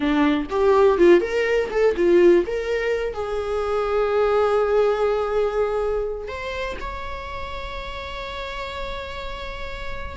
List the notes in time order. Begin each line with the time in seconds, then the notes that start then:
0.00 D4
0.49 G4
0.97 F4
1.20 A#4
1.70 A4
1.96 F4
2.46 A#4
3.13 G#4
6.28 C5
6.80 C#5